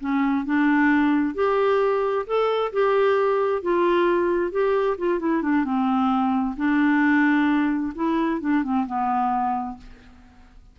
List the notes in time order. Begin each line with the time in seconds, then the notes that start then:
0.00 C#4
0.45 D4
1.35 G4
2.26 A4
2.72 G4
3.62 F4
4.51 G4
4.98 F4
5.19 E4
5.42 D4
5.64 C4
6.56 D4
7.95 E4
8.40 D4
8.63 C4
8.86 B3